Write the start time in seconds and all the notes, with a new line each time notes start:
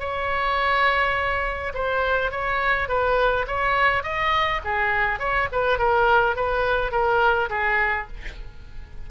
0.00 C#5
1.74 C5
2.32 C#5
2.89 B4
3.47 C#5
4.04 D#5
4.65 G#4
5.19 C#5
5.52 B4
5.79 A#4
6.36 B4
6.92 A#4
7.50 G#4